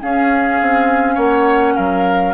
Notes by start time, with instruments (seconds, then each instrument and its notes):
0.00 clarinet C#4, bassoon C#4, oboe G#4, flute F5
0.60 bassoon C4
1.14 bassoon A#3, oboe C#5, flute F#5
1.75 bassoon F#3, oboe A#4, flute F5